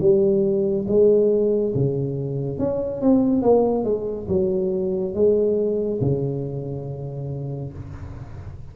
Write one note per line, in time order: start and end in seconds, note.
0.00 0.86 G3
0.88 1.73 G#3
1.75 2.58 C#3
2.58 3.01 C#4
3.01 3.42 C4
3.42 3.85 A#3
3.85 4.27 G#3
4.28 5.14 F#3
5.14 6.00 G#3
6.01 7.73 C#3